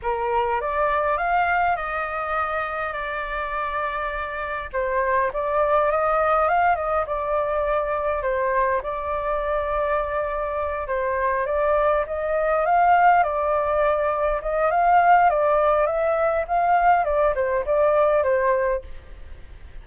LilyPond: \new Staff \with { instrumentName = "flute" } { \time 4/4 \tempo 4 = 102 ais'4 d''4 f''4 dis''4~ | dis''4 d''2. | c''4 d''4 dis''4 f''8 dis''8 | d''2 c''4 d''4~ |
d''2~ d''8 c''4 d''8~ | d''8 dis''4 f''4 d''4.~ | d''8 dis''8 f''4 d''4 e''4 | f''4 d''8 c''8 d''4 c''4 | }